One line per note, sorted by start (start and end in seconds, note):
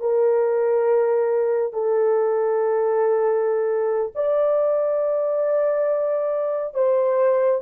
0.00 1.73 A#4
1.73 4.12 A4
4.15 6.74 D5
6.74 7.61 C5